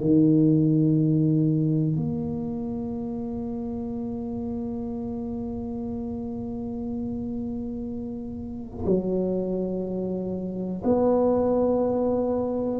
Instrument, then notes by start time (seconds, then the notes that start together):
tuba
0.00 D#3
1.96 A#3
8.86 F#3
10.84 B3